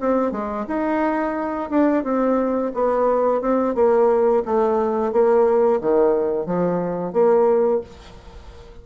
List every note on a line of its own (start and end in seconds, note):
0.00 0.32 C4
0.32 0.66 G#3
0.68 1.70 D#4
1.70 2.04 D4
2.04 2.72 C4
2.74 3.41 B3
3.41 3.75 C4
3.75 4.43 A#3
4.45 5.12 A3
5.12 5.80 A#3
5.81 6.46 D#3
6.46 7.12 F3
7.12 7.81 A#3